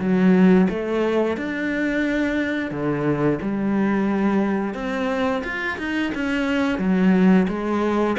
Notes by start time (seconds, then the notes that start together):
0.00 F#3
0.70 A3
1.38 D4
2.71 D3
3.42 G3
4.74 C4
5.44 F4
5.79 D#4
6.15 C#4
6.79 F#3
7.49 G#3